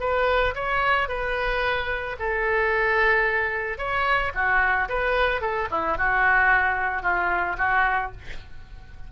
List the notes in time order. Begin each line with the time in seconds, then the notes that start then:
0.00 B4
0.55 C#5
1.08 B4
2.19 A4
3.78 C#5
4.34 F#4
4.89 B4
5.41 A4
5.71 E4
5.98 F#4
7.02 F4
7.58 F#4